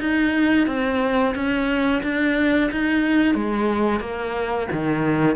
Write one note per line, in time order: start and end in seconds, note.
0.00 0.67 D#4
0.67 1.35 C4
1.35 2.02 C#4
2.03 2.70 D4
2.72 3.35 D#4
3.35 4.00 G#3
4.00 4.68 A#3
4.72 5.36 D#3